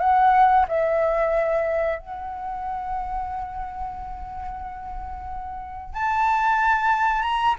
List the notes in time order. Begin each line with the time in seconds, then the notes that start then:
0.00 F#5
0.68 E5
1.99 F#5
5.94 A5
7.22 A#5